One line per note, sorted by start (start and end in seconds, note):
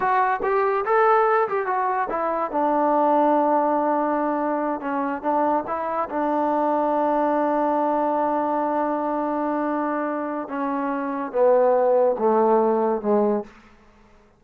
0.00 0.40 F#4
0.42 0.84 G4
0.85 1.48 A4
1.48 1.66 G4
1.66 2.08 F#4
2.09 2.51 E4
2.51 4.80 D4
4.80 5.21 C#4
5.21 5.63 D4
5.67 6.09 E4
6.09 10.48 D4
10.48 11.32 C#4
11.32 12.16 B3
12.18 13.01 A3
13.01 13.43 G#3